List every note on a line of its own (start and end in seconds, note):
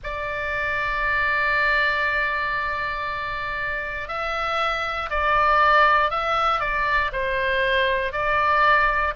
0.03 4.07 D5
4.07 5.09 E5
5.10 6.10 D5
6.10 6.60 E5
6.60 7.10 D5
7.12 8.12 C5
8.12 9.13 D5